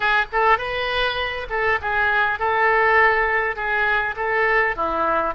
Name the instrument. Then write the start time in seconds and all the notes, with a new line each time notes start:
oboe
0.00 G#4
0.32 A4
0.58 B4
1.49 A4
1.81 G#4
2.39 A4
3.56 G#4
4.16 A4
4.76 E4